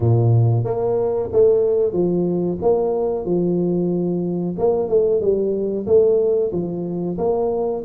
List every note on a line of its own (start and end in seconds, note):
0.00 0.64 A#2
0.64 1.29 A#3
1.32 1.92 A3
1.92 2.58 F3
2.61 3.25 A#3
3.25 4.55 F3
4.58 4.89 A#3
4.89 5.20 A3
5.20 5.85 G3
5.86 6.51 A3
6.52 7.17 F3
7.18 7.83 A#3